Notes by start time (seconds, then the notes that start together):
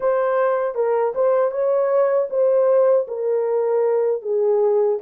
0.00 C5
0.74 A#4
1.14 C5
1.51 C#5
2.30 C5
3.07 A#4
4.22 G#4